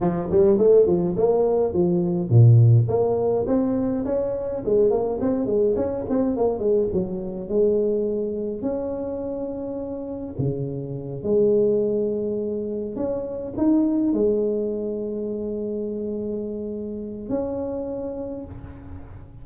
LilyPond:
\new Staff \with { instrumentName = "tuba" } { \time 4/4 \tempo 4 = 104 f8 g8 a8 f8 ais4 f4 | ais,4 ais4 c'4 cis'4 | gis8 ais8 c'8 gis8 cis'8 c'8 ais8 gis8 | fis4 gis2 cis'4~ |
cis'2 cis4. gis8~ | gis2~ gis8 cis'4 dis'8~ | dis'8 gis2.~ gis8~ | gis2 cis'2 | }